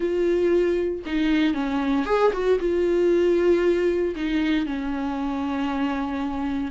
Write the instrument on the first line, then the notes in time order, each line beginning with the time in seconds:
viola
0.00 F4
1.06 D#4
1.54 C#4
2.05 G#4
2.33 F#4
2.59 F4
4.15 D#4
4.66 C#4